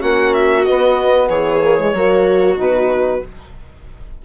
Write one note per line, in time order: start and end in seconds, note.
0.00 0.67 A#3
0.00 0.65 C#4
0.00 1.28 F#4
0.00 0.34 F#5
0.34 0.65 E5
0.65 1.62 B3
0.65 1.29 B3
0.65 1.29 D#5
1.29 1.93 E3
1.29 1.93 G#4
1.29 2.57 C#5
1.63 1.79 A#3
1.79 1.94 G#3
1.93 2.57 F#3
1.93 2.57 A#3
1.93 3.23 F#4
2.57 3.23 B2
2.57 3.21 D#4
2.57 3.25 B4